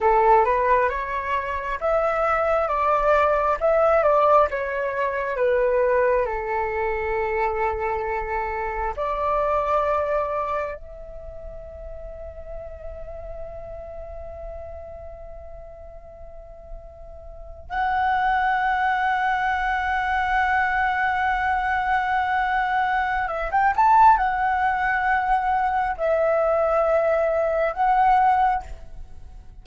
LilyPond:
\new Staff \with { instrumentName = "flute" } { \time 4/4 \tempo 4 = 67 a'8 b'8 cis''4 e''4 d''4 | e''8 d''8 cis''4 b'4 a'4~ | a'2 d''2 | e''1~ |
e''2.~ e''8. fis''16~ | fis''1~ | fis''2 e''16 g''16 a''8 fis''4~ | fis''4 e''2 fis''4 | }